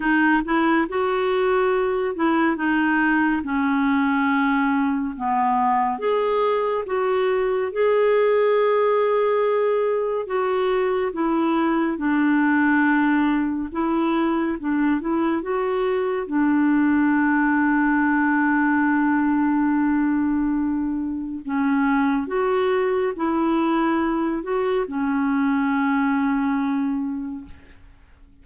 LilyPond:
\new Staff \with { instrumentName = "clarinet" } { \time 4/4 \tempo 4 = 70 dis'8 e'8 fis'4. e'8 dis'4 | cis'2 b4 gis'4 | fis'4 gis'2. | fis'4 e'4 d'2 |
e'4 d'8 e'8 fis'4 d'4~ | d'1~ | d'4 cis'4 fis'4 e'4~ | e'8 fis'8 cis'2. | }